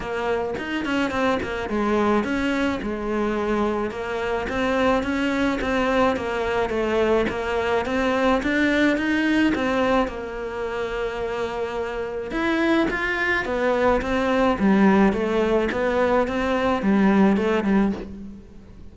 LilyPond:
\new Staff \with { instrumentName = "cello" } { \time 4/4 \tempo 4 = 107 ais4 dis'8 cis'8 c'8 ais8 gis4 | cis'4 gis2 ais4 | c'4 cis'4 c'4 ais4 | a4 ais4 c'4 d'4 |
dis'4 c'4 ais2~ | ais2 e'4 f'4 | b4 c'4 g4 a4 | b4 c'4 g4 a8 g8 | }